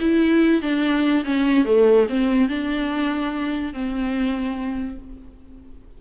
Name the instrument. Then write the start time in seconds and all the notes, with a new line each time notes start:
viola
0.00 E4
0.61 D4
1.24 C#4
1.65 A3
2.08 C4
2.48 D4
3.73 C4